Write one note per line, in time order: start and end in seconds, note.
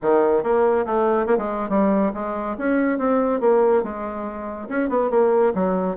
0.02 0.43 D#3
0.43 0.85 A#3
0.86 1.26 A3
1.26 1.37 A#3
1.38 1.69 G#3
1.69 2.11 G3
2.14 2.56 G#3
2.58 2.98 C#4
2.98 3.40 C4
3.40 3.83 A#3
3.83 4.68 G#3
4.68 4.89 C#4
4.89 5.10 B3
5.10 5.53 A#3
5.54 5.96 F#3